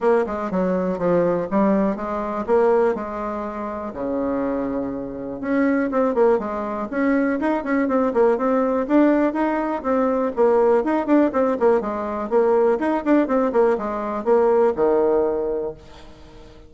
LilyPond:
\new Staff \with { instrumentName = "bassoon" } { \time 4/4 \tempo 4 = 122 ais8 gis8 fis4 f4 g4 | gis4 ais4 gis2 | cis2. cis'4 | c'8 ais8 gis4 cis'4 dis'8 cis'8 |
c'8 ais8 c'4 d'4 dis'4 | c'4 ais4 dis'8 d'8 c'8 ais8 | gis4 ais4 dis'8 d'8 c'8 ais8 | gis4 ais4 dis2 | }